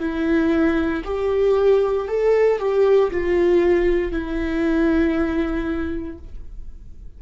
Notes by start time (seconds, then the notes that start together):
0.00 E4
1.05 G4
2.08 A4
2.59 G4
3.11 F4
4.12 E4